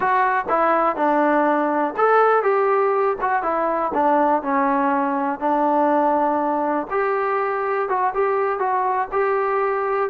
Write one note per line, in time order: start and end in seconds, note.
0.00 0.45 F#4
0.48 0.96 E4
0.96 1.94 D4
1.96 2.42 A4
2.42 3.16 G4
3.21 3.42 F#4
3.42 3.92 E4
3.94 4.42 D4
4.42 5.39 C#4
5.39 6.87 D4
6.90 7.88 G4
7.88 8.13 F#4
8.14 8.59 G4
8.59 9.08 F#4
9.11 10.10 G4